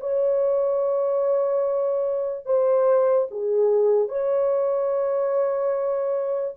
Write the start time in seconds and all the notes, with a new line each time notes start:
0.00 C#5
2.46 C5
3.31 G#4
4.09 C#5